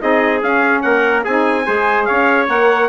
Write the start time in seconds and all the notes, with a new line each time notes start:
0.00 C4 D#4 G#4 D#5
0.42 C#4 F5
0.82 A#3 A#4 F#5
1.24 C4 D#4 G#4 G#5
1.65 G#3 G#4 C5
2.04 C#4 C#5 F5
2.47 A#3 A#4 F#5